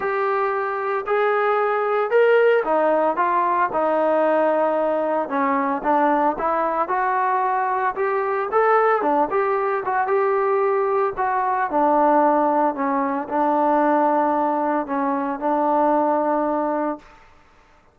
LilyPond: \new Staff \with { instrumentName = "trombone" } { \time 4/4 \tempo 4 = 113 g'2 gis'2 | ais'4 dis'4 f'4 dis'4~ | dis'2 cis'4 d'4 | e'4 fis'2 g'4 |
a'4 d'8 g'4 fis'8 g'4~ | g'4 fis'4 d'2 | cis'4 d'2. | cis'4 d'2. | }